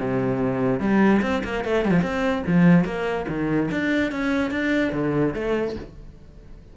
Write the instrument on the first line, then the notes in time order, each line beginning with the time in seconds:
cello
0.00 C3
0.80 G3
1.22 C4
1.44 A#3
1.64 A3
1.85 F3 G3
2.02 C4
2.47 F3
2.85 A#3
3.29 D#3
3.71 D4
4.12 C#4
4.51 D4
4.93 D3
5.34 A3